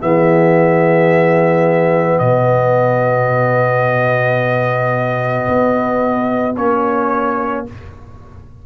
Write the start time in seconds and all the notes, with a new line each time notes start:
0.00 E3 B3 G#4 E5
2.18 B2 F#4 D#5
5.48 B3
6.56 A#3 C#4 C#5